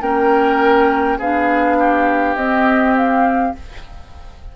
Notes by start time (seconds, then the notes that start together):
0.00 A#3 C#4 A#4 G5
1.18 B3 D4 G#4 F5
1.79 G4
2.35 C4 D#5
2.96 F5